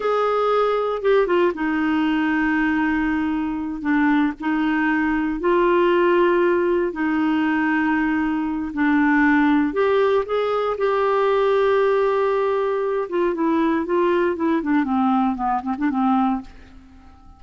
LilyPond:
\new Staff \with { instrumentName = "clarinet" } { \time 4/4 \tempo 4 = 117 gis'2 g'8 f'8 dis'4~ | dis'2.~ dis'8 d'8~ | d'8 dis'2 f'4.~ | f'4. dis'2~ dis'8~ |
dis'4 d'2 g'4 | gis'4 g'2.~ | g'4. f'8 e'4 f'4 | e'8 d'8 c'4 b8 c'16 d'16 c'4 | }